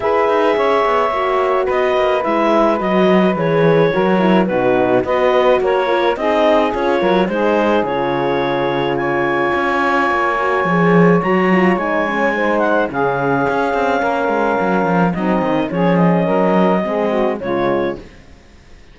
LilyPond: <<
  \new Staff \with { instrumentName = "clarinet" } { \time 4/4 \tempo 4 = 107 e''2. dis''4 | e''4 dis''4 cis''2 | b'4 dis''4 cis''4 dis''4 | cis''4 c''4 cis''2 |
gis''1 | ais''4 gis''4. fis''8 f''4~ | f''2. dis''4 | cis''8 dis''2~ dis''8 cis''4 | }
  \new Staff \with { instrumentName = "saxophone" } { \time 4/4 b'4 cis''2 b'4~ | b'2. ais'4 | fis'4 b'4 ais'4 gis'4~ | gis'8 ais'8 gis'2. |
cis''1~ | cis''2 c''4 gis'4~ | gis'4 ais'2 dis'4 | gis'4 ais'4 gis'8 fis'8 f'4 | }
  \new Staff \with { instrumentName = "horn" } { \time 4/4 gis'2 fis'2 | e'4 fis'4 gis'4 fis'8 e'8 | dis'4 fis'4. f'8 dis'4 | f'4 dis'4 f'2~ |
f'2~ f'8 fis'8 gis'4 | fis'8 f'8 dis'8 cis'8 dis'4 cis'4~ | cis'2. c'4 | cis'2 c'4 gis4 | }
  \new Staff \with { instrumentName = "cello" } { \time 4/4 e'8 dis'8 cis'8 b8 ais4 b8 ais8 | gis4 fis4 e4 fis4 | b,4 b4 ais4 c'4 | cis'8 fis8 gis4 cis2~ |
cis4 cis'4 ais4 f4 | fis4 gis2 cis4 | cis'8 c'8 ais8 gis8 fis8 f8 fis8 dis8 | f4 fis4 gis4 cis4 | }
>>